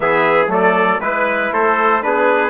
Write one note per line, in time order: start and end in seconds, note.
0.00 0.47 E3
0.00 0.46 B3
0.00 0.51 G#4
0.00 0.48 E5
0.47 0.98 F#3
0.47 0.98 A3
0.47 1.01 A4
0.47 1.00 D5
1.00 1.50 G#3
1.00 2.02 E4
1.00 1.51 B4
1.00 1.53 B4
1.52 2.03 A3
1.52 2.03 A4
1.52 2.02 C5
2.02 2.49 B3
2.02 2.49 D4
2.02 2.49 G#4
2.02 2.49 B4